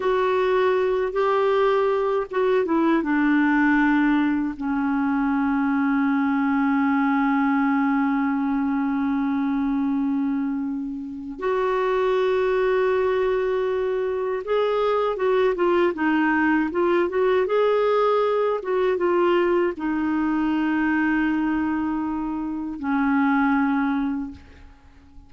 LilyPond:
\new Staff \with { instrumentName = "clarinet" } { \time 4/4 \tempo 4 = 79 fis'4. g'4. fis'8 e'8 | d'2 cis'2~ | cis'1~ | cis'2. fis'4~ |
fis'2. gis'4 | fis'8 f'8 dis'4 f'8 fis'8 gis'4~ | gis'8 fis'8 f'4 dis'2~ | dis'2 cis'2 | }